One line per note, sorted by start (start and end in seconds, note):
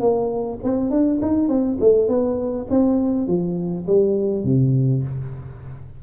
0.00 0.59 A#3
0.64 0.91 C4
0.91 1.20 D4
1.22 1.49 D#4
1.49 1.78 C4
1.81 2.08 A3
2.08 2.67 B3
2.70 3.27 C4
3.27 3.86 F3
3.87 4.45 G3
4.45 5.03 C3